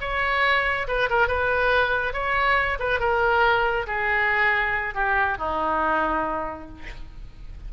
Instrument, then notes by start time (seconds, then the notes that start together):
oboe
0.00 C#5
0.87 B4
1.09 A#4
1.27 B4
2.13 C#5
2.79 B4
2.99 A#4
3.86 G#4
4.94 G4
5.38 D#4